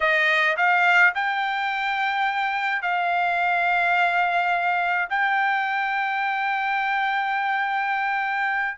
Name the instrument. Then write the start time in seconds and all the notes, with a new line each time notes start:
trumpet
0.00 D#5
0.57 F5
1.14 G5
2.81 F5
5.09 G5